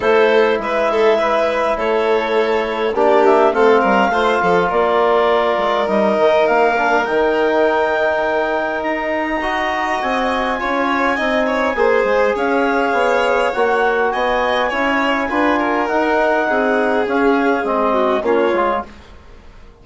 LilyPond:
<<
  \new Staff \with { instrumentName = "clarinet" } { \time 4/4 \tempo 4 = 102 c''4 e''2 cis''4~ | cis''4 d''8 e''8 f''2 | d''2 dis''4 f''4 | g''2. ais''4~ |
ais''4 gis''2.~ | gis''4 f''2 fis''4 | gis''2. fis''4~ | fis''4 f''4 dis''4 cis''4 | }
  \new Staff \with { instrumentName = "violin" } { \time 4/4 a'4 b'8 a'8 b'4 a'4~ | a'4 g'4 a'8 ais'8 c''8 a'8 | ais'1~ | ais'1 |
dis''2 cis''4 dis''8 cis''8 | c''4 cis''2. | dis''4 cis''4 b'8 ais'4. | gis'2~ gis'8 fis'8 f'4 | }
  \new Staff \with { instrumentName = "trombone" } { \time 4/4 e'1~ | e'4 d'4 c'4 f'4~ | f'2 dis'4. d'8 | dis'1 |
fis'2 f'4 dis'4 | gis'2. fis'4~ | fis'4 e'4 f'4 dis'4~ | dis'4 cis'4 c'4 cis'8 f'8 | }
  \new Staff \with { instrumentName = "bassoon" } { \time 4/4 a4 gis2 a4~ | a4 ais4 a8 g8 a8 f8 | ais4. gis8 g8 dis8 ais4 | dis2. dis'4~ |
dis'4 c'4 cis'4 c'4 | ais8 gis8 cis'4 b4 ais4 | b4 cis'4 d'4 dis'4 | c'4 cis'4 gis4 ais8 gis8 | }
>>